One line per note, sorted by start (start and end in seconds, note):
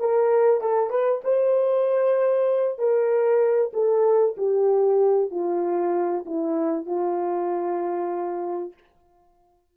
0.00 0.61 A#4
0.61 0.90 A4
0.90 1.22 B4
1.24 2.79 C5
2.79 3.72 A#4
3.74 4.36 A4
4.38 5.31 G4
5.31 6.25 F4
6.26 6.86 E4
6.86 8.74 F4